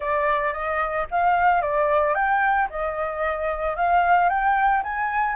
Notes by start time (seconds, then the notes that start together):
0.00 D5
0.53 D#5
1.10 F5
1.61 D5
2.15 G5
2.70 D#5
3.76 F5
4.29 G5
4.83 G#5